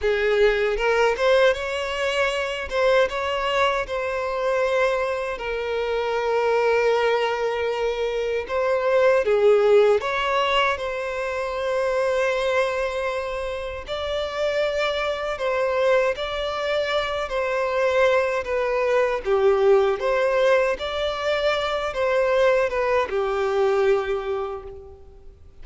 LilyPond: \new Staff \with { instrumentName = "violin" } { \time 4/4 \tempo 4 = 78 gis'4 ais'8 c''8 cis''4. c''8 | cis''4 c''2 ais'4~ | ais'2. c''4 | gis'4 cis''4 c''2~ |
c''2 d''2 | c''4 d''4. c''4. | b'4 g'4 c''4 d''4~ | d''8 c''4 b'8 g'2 | }